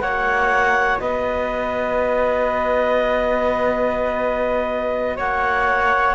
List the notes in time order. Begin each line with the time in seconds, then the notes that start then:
0.00 A#3 F#4 C#5 F#5
1.00 B3 B4 D#5
5.17 A#3 C#5 F#5